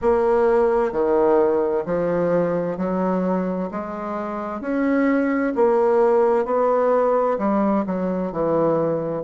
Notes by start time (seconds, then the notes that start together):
0.01 A#3
0.91 D#3
1.85 F3
2.77 F#3
3.71 G#3
4.61 C#4
5.56 A#3
6.45 B3
7.38 G3
7.86 F#3
8.32 E3